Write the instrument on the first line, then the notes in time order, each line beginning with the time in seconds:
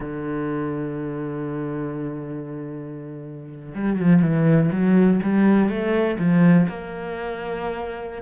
cello
0.00 D3
3.75 G3
3.99 F3
4.22 E3
4.72 F#3
5.23 G3
5.69 A3
6.18 F3
6.68 A#3